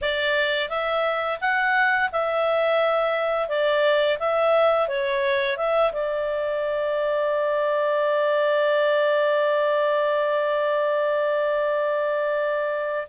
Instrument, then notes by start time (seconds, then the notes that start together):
clarinet
0.01 D5
0.68 E5
1.40 F#5
2.12 E5
3.48 D5
4.19 E5
4.88 C#5
5.57 E5
5.92 D5